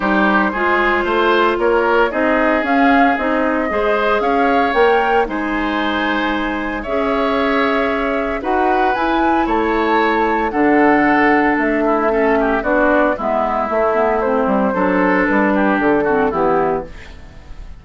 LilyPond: <<
  \new Staff \with { instrumentName = "flute" } { \time 4/4 \tempo 4 = 114 c''2. cis''4 | dis''4 f''4 dis''2 | f''4 g''4 gis''2~ | gis''4 e''2. |
fis''4 gis''4 a''2 | fis''2 e''2 | d''4 e''2 c''4~ | c''4 b'4 a'4 g'4 | }
  \new Staff \with { instrumentName = "oboe" } { \time 4/4 g'4 gis'4 c''4 ais'4 | gis'2. c''4 | cis''2 c''2~ | c''4 cis''2. |
b'2 cis''2 | a'2~ a'8 e'8 a'8 g'8 | fis'4 e'2. | a'4. g'4 fis'8 e'4 | }
  \new Staff \with { instrumentName = "clarinet" } { \time 4/4 dis'4 f'2. | dis'4 cis'4 dis'4 gis'4~ | gis'4 ais'4 dis'2~ | dis'4 gis'2. |
fis'4 e'2. | d'2. cis'4 | d'4 b4 a8 b8 c'4 | d'2~ d'8 c'8 b4 | }
  \new Staff \with { instrumentName = "bassoon" } { \time 4/4 g4 gis4 a4 ais4 | c'4 cis'4 c'4 gis4 | cis'4 ais4 gis2~ | gis4 cis'2. |
dis'4 e'4 a2 | d2 a2 | b4 gis4 a4. g8 | fis4 g4 d4 e4 | }
>>